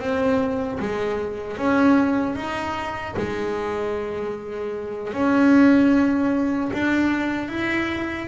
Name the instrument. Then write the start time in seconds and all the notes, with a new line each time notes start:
double bass
0.00 C4
0.80 G#3
1.58 C#4
2.36 D#4
3.17 G#3
5.14 C#4
6.73 D4
7.49 E4